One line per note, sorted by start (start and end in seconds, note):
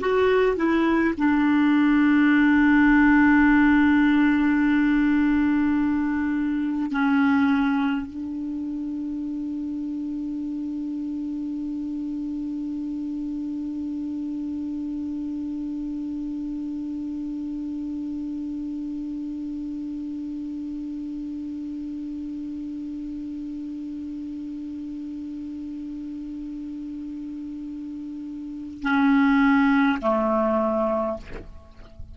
0.00 0.56 F#4
0.56 1.14 E4
1.17 6.91 D4
6.91 8.06 C#4
8.06 28.83 D4
28.83 29.98 C#4
30.02 31.17 A3